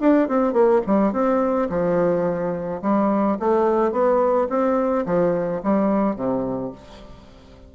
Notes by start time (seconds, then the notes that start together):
0.00 D4
0.28 C4
0.53 A#3
0.86 G3
1.12 C4
1.69 F3
2.81 G3
3.39 A3
3.92 B3
4.49 C4
5.05 F3
5.63 G3
6.16 C3